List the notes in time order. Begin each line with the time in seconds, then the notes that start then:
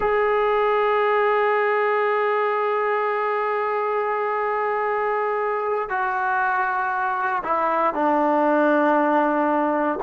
0.00 G#4
5.89 F#4
7.43 E4
7.93 D4